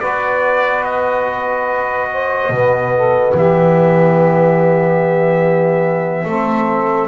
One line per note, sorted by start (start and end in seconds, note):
0.00 2.50 B3
0.00 2.52 F#4
0.00 2.08 B4
0.00 0.84 D5
0.84 3.34 D#5
2.12 2.54 C5
2.50 3.33 B2
2.50 6.27 B3
2.50 2.94 B4
2.94 3.34 A4
3.34 6.25 E3
3.34 6.26 G4
3.34 7.08 E5
6.25 7.08 A3
6.25 7.08 C4
6.25 7.08 A4